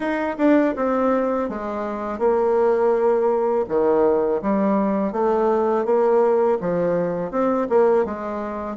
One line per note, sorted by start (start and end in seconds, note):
0.00 0.36 D#4
0.38 0.74 D4
0.76 1.49 C4
1.49 2.19 G#3
2.19 3.65 A#3
3.68 4.41 D#3
4.41 5.12 G3
5.12 5.85 A3
5.85 6.58 A#3
6.60 7.31 F3
7.31 7.67 C4
7.69 8.05 A#3
8.05 8.76 G#3